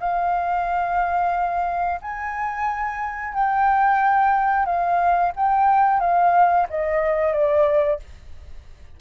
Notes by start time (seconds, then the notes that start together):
0.00 F5
2.02 G#5
3.35 G5
4.66 F5
5.36 G5
6.00 F5
6.70 D#5
7.33 D5